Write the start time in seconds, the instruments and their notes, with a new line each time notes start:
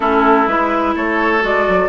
0.00 bassoon A3, clarinet C#4, oboe E4, flute A4
0.47 bassoon G#3, clarinet E4, flute B4
0.95 bassoon A3, oboe A4, flute C#5
1.41 bassoon G#3, clarinet F#4, flute D5
1.68 bassoon F#3